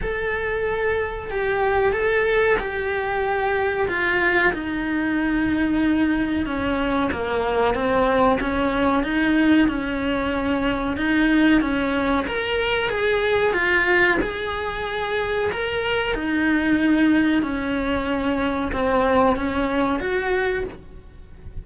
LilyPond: \new Staff \with { instrumentName = "cello" } { \time 4/4 \tempo 4 = 93 a'2 g'4 a'4 | g'2 f'4 dis'4~ | dis'2 cis'4 ais4 | c'4 cis'4 dis'4 cis'4~ |
cis'4 dis'4 cis'4 ais'4 | gis'4 f'4 gis'2 | ais'4 dis'2 cis'4~ | cis'4 c'4 cis'4 fis'4 | }